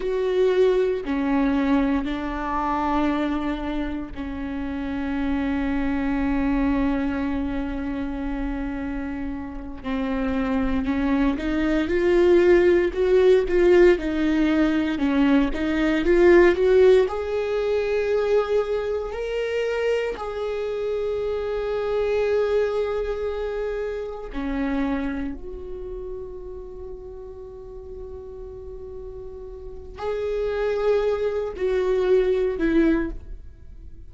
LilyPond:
\new Staff \with { instrumentName = "viola" } { \time 4/4 \tempo 4 = 58 fis'4 cis'4 d'2 | cis'1~ | cis'4. c'4 cis'8 dis'8 f'8~ | f'8 fis'8 f'8 dis'4 cis'8 dis'8 f'8 |
fis'8 gis'2 ais'4 gis'8~ | gis'2.~ gis'8 cis'8~ | cis'8 fis'2.~ fis'8~ | fis'4 gis'4. fis'4 e'8 | }